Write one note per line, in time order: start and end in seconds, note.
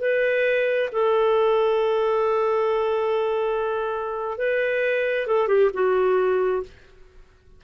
0.00 0.90 B4
0.92 4.38 A4
4.38 5.27 B4
5.27 5.48 A4
5.48 5.70 G4
5.74 6.63 F#4